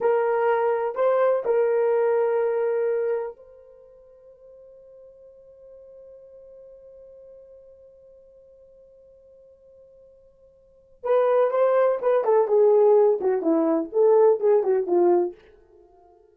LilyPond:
\new Staff \with { instrumentName = "horn" } { \time 4/4 \tempo 4 = 125 ais'2 c''4 ais'4~ | ais'2. c''4~ | c''1~ | c''1~ |
c''1~ | c''2. b'4 | c''4 b'8 a'8 gis'4. fis'8 | e'4 a'4 gis'8 fis'8 f'4 | }